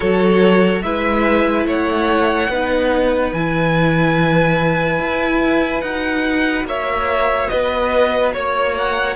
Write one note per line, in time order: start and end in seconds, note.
0.00 0.82 F#3
0.00 0.83 F#4
0.00 0.82 A4
0.00 0.82 C#5
0.82 1.65 G#3
0.82 2.51 E4
0.82 1.66 B4
0.82 1.65 E5
1.66 2.48 A3
1.66 2.50 C#5
1.66 3.32 F#5
2.48 3.32 B3
2.48 3.34 D#4
2.48 6.66 B4
3.32 4.99 E3
3.32 5.85 E4
3.32 5.81 G#5
4.99 5.82 E4
5.81 6.64 D#4
5.81 9.16 F#4
5.81 6.64 F#5
6.64 7.47 A#3
6.64 7.50 C#5
6.64 7.48 E5
7.48 8.35 B3
7.48 8.34 B4
7.48 8.31 D#5
8.33 9.16 A#3
8.33 8.75 C#5
8.33 9.16 C#5
8.78 9.16 F#5